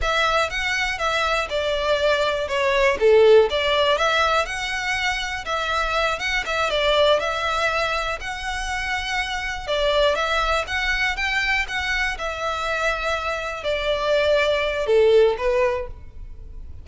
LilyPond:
\new Staff \with { instrumentName = "violin" } { \time 4/4 \tempo 4 = 121 e''4 fis''4 e''4 d''4~ | d''4 cis''4 a'4 d''4 | e''4 fis''2 e''4~ | e''8 fis''8 e''8 d''4 e''4.~ |
e''8 fis''2. d''8~ | d''8 e''4 fis''4 g''4 fis''8~ | fis''8 e''2. d''8~ | d''2 a'4 b'4 | }